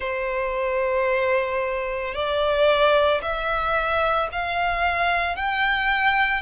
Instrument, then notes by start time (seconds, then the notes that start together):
violin
0.00 C5
2.14 D5
3.21 E5
4.31 F5
5.36 G5